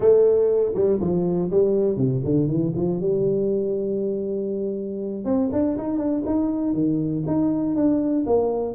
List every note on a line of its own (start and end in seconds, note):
0.00 0.73 A3
0.74 0.99 G3
1.00 1.50 F3
1.50 1.96 G3
1.96 2.21 C3
2.24 2.48 D3
2.48 2.73 E3
2.75 3.00 F3
3.00 5.24 G3
5.24 5.49 C4
5.52 5.77 D4
5.77 5.97 D#4
5.97 6.22 D4
6.26 6.73 D#4
6.73 7.23 D#3
7.27 7.75 D#4
7.75 8.25 D4
8.26 8.74 A#3